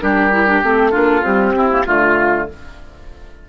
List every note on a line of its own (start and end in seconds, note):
0.00 0.63 G3
0.00 0.31 D4
0.00 0.92 G4
0.00 0.62 A#4
0.32 0.47 E4
0.47 0.63 D4
0.63 0.94 A3
0.63 0.92 C4
0.63 1.25 A4
0.92 1.22 A#3
0.92 1.23 D4
0.92 1.53 F4
1.22 1.54 G3
1.22 1.84 C4
1.22 1.87 G4
1.55 1.70 C4
1.55 1.86 E4
1.71 1.86 A#3
1.86 2.49 D3
1.86 2.49 A3
1.86 2.48 F4
1.86 2.49 F4